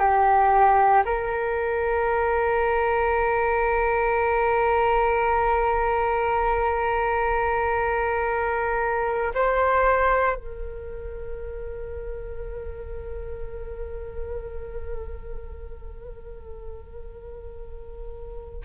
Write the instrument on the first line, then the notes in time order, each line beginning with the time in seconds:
flute
0.00 G4
1.05 A#4
9.34 C5
10.36 A#4